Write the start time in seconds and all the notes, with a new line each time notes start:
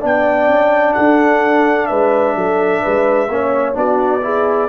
0.00 B3 D4 D5 G5
0.47 C#4
0.93 D4 A4 F#5
1.86 G#3 B4 E5
2.35 F#3 A4
2.82 G#3 B4
3.28 A#3 C#4 C#5
3.73 B3 D4 F#4 D5
4.21 E4 G#4